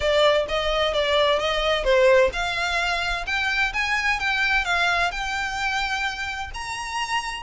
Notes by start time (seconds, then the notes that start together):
0.00 D5
0.48 D#5
0.93 D5
1.39 D#5
1.84 C5
2.32 F5
3.26 G5
3.73 G#5
4.19 G5
4.64 F5
5.11 G5
6.53 A#5